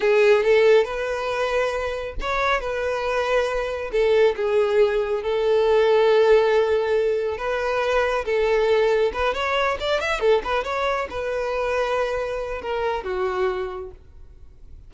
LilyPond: \new Staff \with { instrumentName = "violin" } { \time 4/4 \tempo 4 = 138 gis'4 a'4 b'2~ | b'4 cis''4 b'2~ | b'4 a'4 gis'2 | a'1~ |
a'4 b'2 a'4~ | a'4 b'8 cis''4 d''8 e''8 a'8 | b'8 cis''4 b'2~ b'8~ | b'4 ais'4 fis'2 | }